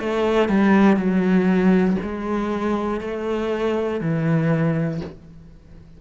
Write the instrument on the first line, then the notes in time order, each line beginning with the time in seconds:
cello
0.00 A3
0.49 G3
0.97 F#3
2.02 G#3
3.00 A3
4.00 E3